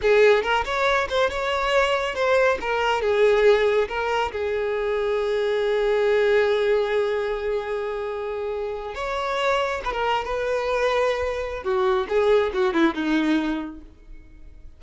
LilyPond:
\new Staff \with { instrumentName = "violin" } { \time 4/4 \tempo 4 = 139 gis'4 ais'8 cis''4 c''8 cis''4~ | cis''4 c''4 ais'4 gis'4~ | gis'4 ais'4 gis'2~ | gis'1~ |
gis'1~ | gis'8. cis''2 b'16 ais'8. b'16~ | b'2. fis'4 | gis'4 fis'8 e'8 dis'2 | }